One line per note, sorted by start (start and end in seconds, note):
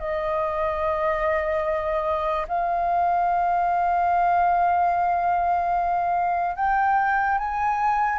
0.00 2.47 D#5
2.48 6.56 F5
6.56 7.38 G5
7.38 8.19 G#5